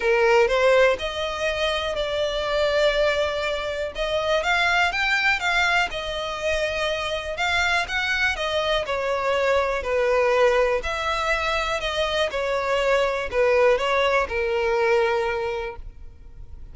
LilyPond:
\new Staff \with { instrumentName = "violin" } { \time 4/4 \tempo 4 = 122 ais'4 c''4 dis''2 | d''1 | dis''4 f''4 g''4 f''4 | dis''2. f''4 |
fis''4 dis''4 cis''2 | b'2 e''2 | dis''4 cis''2 b'4 | cis''4 ais'2. | }